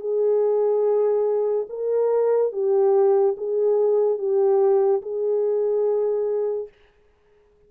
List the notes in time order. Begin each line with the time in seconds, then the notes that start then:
0.00 G#4
1.69 A#4
2.52 G4
3.37 G#4
4.18 G4
5.02 G#4